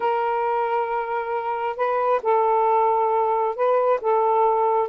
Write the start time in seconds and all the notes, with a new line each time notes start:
0.00 A#4
1.76 B4
2.22 A4
3.55 B4
4.01 A4